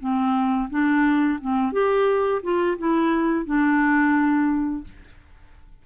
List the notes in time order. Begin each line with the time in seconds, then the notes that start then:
0.00 C4
0.70 D4
1.41 C4
1.72 G4
2.42 F4
2.78 E4
3.45 D4